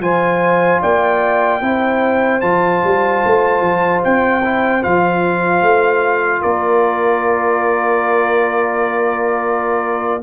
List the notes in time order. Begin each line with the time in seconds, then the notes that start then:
0.00 F3 F4 C5 G#5
0.82 A#3 D5 G5
1.62 C4 E4 C5
2.41 F3 F4 A5
2.84 G3
3.25 A3
3.61 F3
4.04 C4 G5
4.45 E4
4.82 F3 F4 F5
5.62 A3
6.42 A#3 A#4 D5